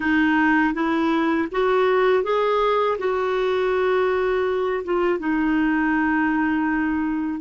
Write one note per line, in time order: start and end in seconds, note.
0.00 0.74 D#4
0.74 1.48 E4
1.52 2.23 F#4
2.23 2.97 G#4
2.98 4.83 F#4
4.84 5.19 F4
5.19 7.40 D#4